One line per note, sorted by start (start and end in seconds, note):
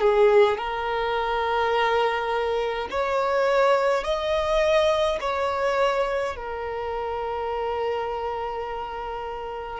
0.00 0.57 G#4
0.57 2.88 A#4
2.90 4.03 C#5
4.03 5.19 D#5
5.20 6.36 C#5
6.36 9.79 A#4